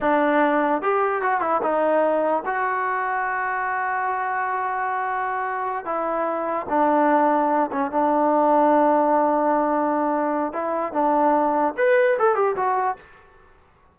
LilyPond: \new Staff \with { instrumentName = "trombone" } { \time 4/4 \tempo 4 = 148 d'2 g'4 fis'8 e'8 | dis'2 fis'2~ | fis'1~ | fis'2~ fis'8 e'4.~ |
e'8 d'2~ d'8 cis'8 d'8~ | d'1~ | d'2 e'4 d'4~ | d'4 b'4 a'8 g'8 fis'4 | }